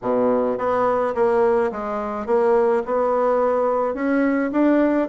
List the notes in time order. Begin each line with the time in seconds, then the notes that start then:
0.02 B2
0.57 B3
1.14 A#3
1.71 G#3
2.26 A#3
2.85 B3
3.94 C#4
4.52 D4